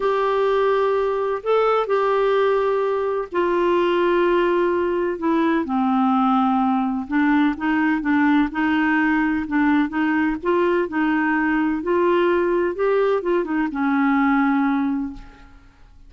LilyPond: \new Staff \with { instrumentName = "clarinet" } { \time 4/4 \tempo 4 = 127 g'2. a'4 | g'2. f'4~ | f'2. e'4 | c'2. d'4 |
dis'4 d'4 dis'2 | d'4 dis'4 f'4 dis'4~ | dis'4 f'2 g'4 | f'8 dis'8 cis'2. | }